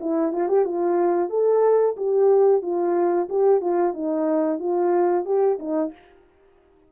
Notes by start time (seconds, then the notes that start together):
0.00 E4
0.32 F4
0.48 G4
0.64 F4
1.29 A4
1.97 G4
2.62 F4
3.29 G4
3.61 F4
3.93 D#4
4.59 F4
5.25 G4
5.59 D#4